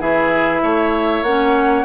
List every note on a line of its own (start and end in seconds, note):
0.00 0.62 E3
0.00 1.25 E4
0.00 0.62 G#4
0.00 1.23 E5
0.62 1.22 A3
0.62 1.85 C#5
1.22 1.84 A#3
1.22 1.85 C#4
1.22 1.85 F#5